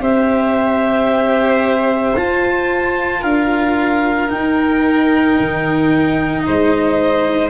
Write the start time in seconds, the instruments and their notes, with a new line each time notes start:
0.00 tuba C4, cello G4, violin C5, clarinet E5
2.16 tuba F4, cello F4, clarinet A5
3.20 tuba D4, violin A#4, clarinet F5
4.29 cello D#4, tuba D#4, clarinet G5
5.40 tuba D#3
6.42 tuba G#3, violin C5, clarinet D#5